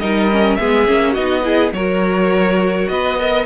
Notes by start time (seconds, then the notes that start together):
0.00 G3 D#4 A#4 D#5
0.31 C#4
0.56 G#3 B3 G#4 E5
0.87 A#3 C#4
1.13 B3 D#4 F#4 D#5
1.43 E4 G#4
1.72 F#3 F#4 A#4 C#5
2.89 B3 B4 D#5
3.19 A#4 D#5